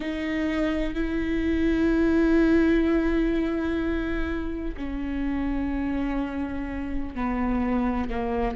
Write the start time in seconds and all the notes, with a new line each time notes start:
0.00 D#4
0.94 E4
4.77 C#4
7.15 B3
8.10 A#3